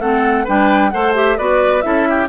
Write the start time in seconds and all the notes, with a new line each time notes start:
0.00 A3 C4 A4 F#5
0.44 G3 D4 B4 G5
0.90 A3 A4 C5 F#5
1.14 G4 E5
1.37 B3 F#4 B4 D5
1.81 C#4 E4 A4 E5
2.09 G4